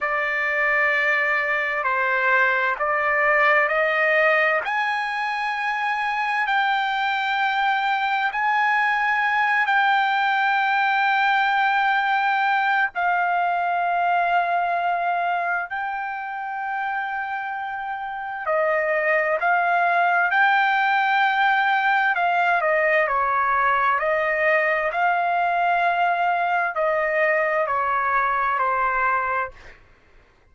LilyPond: \new Staff \with { instrumentName = "trumpet" } { \time 4/4 \tempo 4 = 65 d''2 c''4 d''4 | dis''4 gis''2 g''4~ | g''4 gis''4. g''4.~ | g''2 f''2~ |
f''4 g''2. | dis''4 f''4 g''2 | f''8 dis''8 cis''4 dis''4 f''4~ | f''4 dis''4 cis''4 c''4 | }